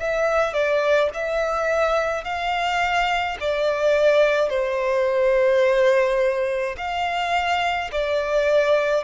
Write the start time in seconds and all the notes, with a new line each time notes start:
0.00 E5
0.53 D5
1.14 E5
2.24 F5
3.40 D5
4.49 C5
6.77 F5
7.91 D5